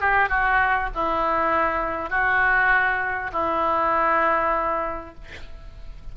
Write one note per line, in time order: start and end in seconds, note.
0.00 0.29 G4
0.29 0.89 F#4
0.94 2.09 E4
2.09 3.31 F#4
3.33 5.14 E4